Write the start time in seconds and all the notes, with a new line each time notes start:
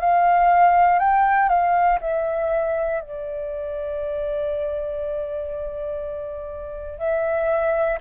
0.00 F5
0.99 G5
1.49 F5
2.00 E5
3.00 D5
6.99 E5